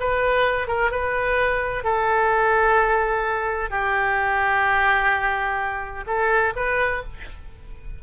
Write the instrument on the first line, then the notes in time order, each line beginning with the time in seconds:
oboe
0.00 B4
0.68 A#4
0.91 B4
1.84 A4
3.70 G4
6.07 A4
6.56 B4